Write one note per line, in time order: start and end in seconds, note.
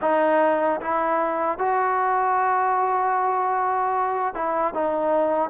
0.01 0.80 D#4
0.80 1.58 E4
1.58 4.34 F#4
4.34 4.74 E4
4.74 5.49 D#4